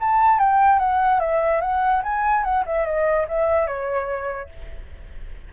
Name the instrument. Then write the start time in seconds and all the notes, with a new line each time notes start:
flute
0.00 A5
0.39 G5
0.79 F#5
1.20 E5
1.61 F#5
2.03 G#5
2.44 F#5
2.66 E5
2.85 D#5
3.28 E5
3.67 C#5